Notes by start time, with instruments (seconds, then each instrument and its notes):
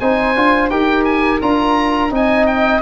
0.00 tuba C4, trombone D#4, flute C5, oboe G#5
0.35 tuba D4, trombone F4
0.69 tuba D#4, trombone G4, flute A#4, oboe G5
1.04 oboe G#5
1.41 tuba D4, trombone F4, oboe A#5
2.10 tuba C4, trombone D#4, flute D#5, oboe G#5
2.46 oboe G5